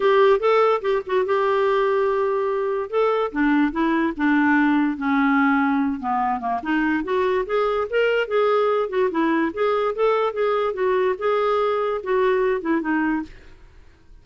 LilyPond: \new Staff \with { instrumentName = "clarinet" } { \time 4/4 \tempo 4 = 145 g'4 a'4 g'8 fis'8 g'4~ | g'2. a'4 | d'4 e'4 d'2 | cis'2~ cis'8 b4 ais8 |
dis'4 fis'4 gis'4 ais'4 | gis'4. fis'8 e'4 gis'4 | a'4 gis'4 fis'4 gis'4~ | gis'4 fis'4. e'8 dis'4 | }